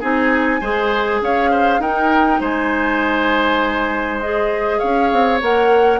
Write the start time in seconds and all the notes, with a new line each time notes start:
0.00 C4 D#4 G#4 G#5
0.60 G#3 G#4 C5
1.21 C#4 C#5 F5
1.51 C5
1.79 D#4 A#4 G5
2.40 G#3 C5 G#5
4.20 G#4 D#5
4.79 C#4 C#5 F5
5.12 C4
5.41 A#3 A#4 F#5